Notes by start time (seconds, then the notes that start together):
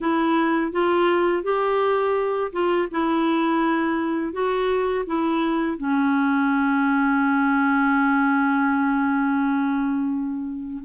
0.00 E4
0.72 F4
1.43 G4
2.52 F4
2.91 E4
4.32 F#4
5.05 E4
5.77 C#4